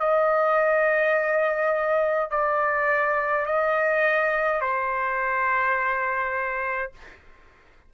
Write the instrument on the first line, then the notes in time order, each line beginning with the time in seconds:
trumpet
0.00 D#5
2.30 D5
3.46 D#5
4.61 C5